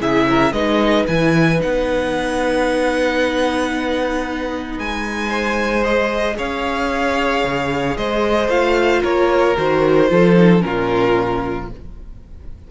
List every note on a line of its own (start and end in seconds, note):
0.00 0.52 C#3
0.00 0.53 E4
0.00 0.27 G#4
0.00 0.53 E5
0.29 0.54 A#4
0.52 1.05 G#3
0.52 1.07 D#4
0.52 5.29 B4
0.52 1.06 D#5
1.07 1.61 E3
1.07 1.59 E4
1.07 1.61 G#5
1.59 4.79 B3
1.59 5.84 D#4
1.59 4.79 F#5
4.79 6.38 G#3
4.79 5.84 G#5
5.29 6.35 C5
5.84 8.50 G#4
5.84 6.37 D#5
6.37 7.44 C#4
6.37 7.97 C#5
6.37 7.97 F5
7.44 7.96 C#3
7.96 8.49 G#3
7.96 9.02 C5
7.96 8.50 D#5
8.49 9.02 A3
8.49 9.56 F4
8.49 9.03 F5
9.02 9.57 A#3
9.02 10.08 A#4
9.02 9.56 C#5
9.57 10.11 D#3
9.57 10.08 F#4
9.57 10.61 C5
10.08 10.64 F3
10.08 10.35 F4
10.08 10.64 A4
10.36 10.59 D#4
10.59 11.70 A#2
10.59 11.65 C#4
10.59 11.71 F4
10.59 11.68 A#4